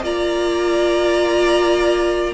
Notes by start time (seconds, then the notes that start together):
0.00 A#3 F4 D5 A#5